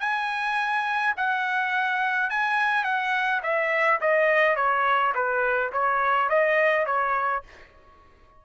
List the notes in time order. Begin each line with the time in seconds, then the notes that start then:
0.00 G#5
1.17 F#5
2.30 G#5
2.84 F#5
3.43 E5
4.01 D#5
4.56 C#5
5.15 B4
5.73 C#5
6.29 D#5
6.86 C#5